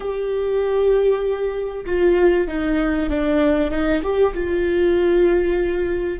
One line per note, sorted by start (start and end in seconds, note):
0.00 1.85 G4
1.85 2.47 F4
2.47 3.09 D#4
3.09 3.70 D4
3.70 4.01 D#4
4.02 4.33 G4
4.34 6.19 F4